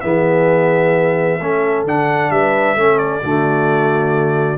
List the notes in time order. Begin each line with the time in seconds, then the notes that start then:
0.00 E3 B3 G#4 E5
1.40 A3 C#4 A4
1.84 D3 D4 F#5
2.30 G3 B4 E5
2.75 A3 C#4 A4
2.98 D5
3.23 D3 A3 F#4